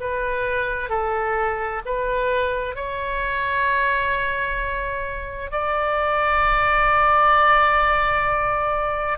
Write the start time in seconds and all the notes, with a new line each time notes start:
0.00 B4
0.89 A4
1.85 B4
2.75 C#5
5.51 D5